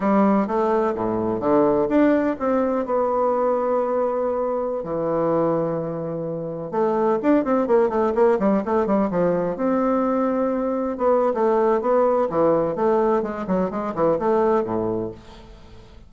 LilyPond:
\new Staff \with { instrumentName = "bassoon" } { \time 4/4 \tempo 4 = 127 g4 a4 a,4 d4 | d'4 c'4 b2~ | b2~ b16 e4.~ e16~ | e2~ e16 a4 d'8 c'16~ |
c'16 ais8 a8 ais8 g8 a8 g8 f8.~ | f16 c'2. b8. | a4 b4 e4 a4 | gis8 fis8 gis8 e8 a4 a,4 | }